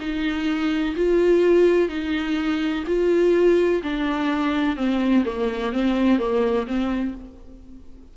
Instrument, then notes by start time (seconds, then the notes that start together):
viola
0.00 D#4
0.96 F4
1.89 D#4
2.87 F4
3.83 D4
4.76 C4
5.25 A#3
5.72 C4
6.19 A#3
6.66 C4